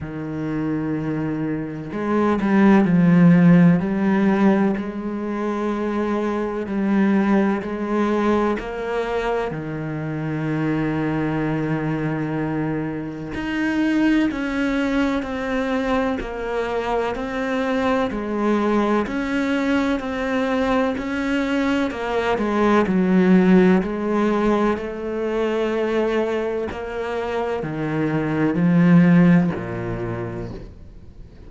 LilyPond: \new Staff \with { instrumentName = "cello" } { \time 4/4 \tempo 4 = 63 dis2 gis8 g8 f4 | g4 gis2 g4 | gis4 ais4 dis2~ | dis2 dis'4 cis'4 |
c'4 ais4 c'4 gis4 | cis'4 c'4 cis'4 ais8 gis8 | fis4 gis4 a2 | ais4 dis4 f4 ais,4 | }